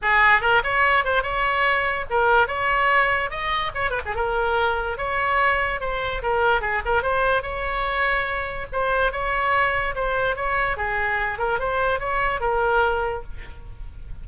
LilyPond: \new Staff \with { instrumentName = "oboe" } { \time 4/4 \tempo 4 = 145 gis'4 ais'8 cis''4 c''8 cis''4~ | cis''4 ais'4 cis''2 | dis''4 cis''8 b'16 gis'16 ais'2 | cis''2 c''4 ais'4 |
gis'8 ais'8 c''4 cis''2~ | cis''4 c''4 cis''2 | c''4 cis''4 gis'4. ais'8 | c''4 cis''4 ais'2 | }